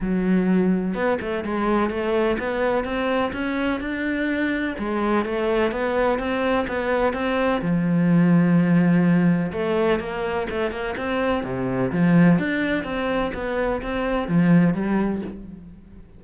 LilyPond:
\new Staff \with { instrumentName = "cello" } { \time 4/4 \tempo 4 = 126 fis2 b8 a8 gis4 | a4 b4 c'4 cis'4 | d'2 gis4 a4 | b4 c'4 b4 c'4 |
f1 | a4 ais4 a8 ais8 c'4 | c4 f4 d'4 c'4 | b4 c'4 f4 g4 | }